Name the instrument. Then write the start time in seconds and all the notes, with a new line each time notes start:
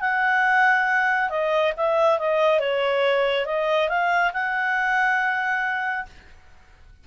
clarinet
0.00 F#5
1.29 D#5
1.77 E5
2.19 D#5
2.59 C#5
3.45 D#5
3.88 F5
4.33 F#5